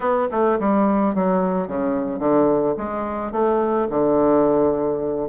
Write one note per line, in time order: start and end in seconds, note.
0.00 0.28 B3
0.31 0.58 A3
0.59 1.14 G3
1.14 1.67 F#3
1.67 2.19 C#3
2.19 2.74 D3
2.77 3.32 G#3
3.32 3.87 A3
3.90 5.28 D3